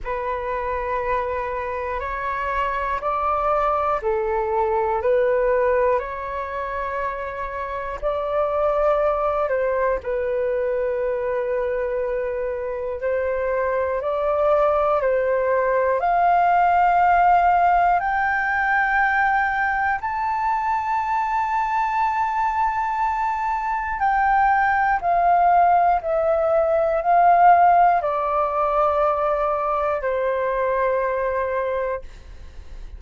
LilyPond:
\new Staff \with { instrumentName = "flute" } { \time 4/4 \tempo 4 = 60 b'2 cis''4 d''4 | a'4 b'4 cis''2 | d''4. c''8 b'2~ | b'4 c''4 d''4 c''4 |
f''2 g''2 | a''1 | g''4 f''4 e''4 f''4 | d''2 c''2 | }